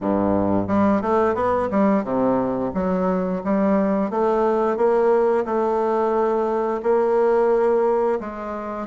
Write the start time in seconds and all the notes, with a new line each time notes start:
0.00 G2
0.67 G3
1.01 A3
1.35 B3
1.70 G3
2.03 C3
2.74 F#3
3.44 G3
4.10 A3
4.76 A#3
5.45 A3
6.82 A#3
8.20 G#3